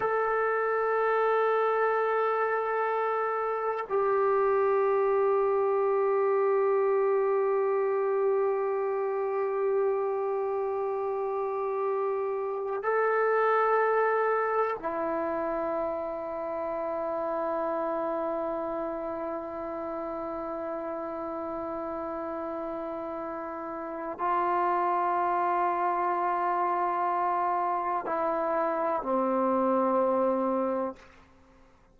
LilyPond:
\new Staff \with { instrumentName = "trombone" } { \time 4/4 \tempo 4 = 62 a'1 | g'1~ | g'1~ | g'4~ g'16 a'2 e'8.~ |
e'1~ | e'1~ | e'4 f'2.~ | f'4 e'4 c'2 | }